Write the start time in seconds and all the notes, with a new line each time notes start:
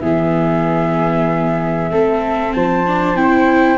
0.00 E3 B3 G#4 E5
1.90 A3 C4 A4
2.53 F3 C5 A5
2.86 D4
3.15 C4 E4 G5